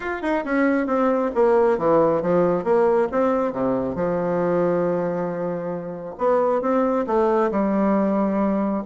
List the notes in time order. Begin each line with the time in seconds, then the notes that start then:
0.00 F4
0.22 D#4
0.45 C#4
0.86 C4
1.35 A#3
1.78 E3
2.21 F3
2.64 A#3
3.11 C4
3.52 C3
3.95 F3
6.18 B3
6.61 C4
7.06 A3
7.51 G3